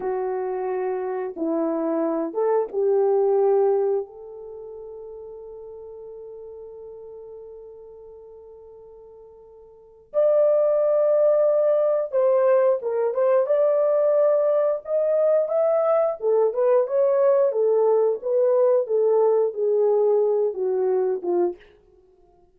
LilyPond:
\new Staff \with { instrumentName = "horn" } { \time 4/4 \tempo 4 = 89 fis'2 e'4. a'8 | g'2 a'2~ | a'1~ | a'2. d''4~ |
d''2 c''4 ais'8 c''8 | d''2 dis''4 e''4 | a'8 b'8 cis''4 a'4 b'4 | a'4 gis'4. fis'4 f'8 | }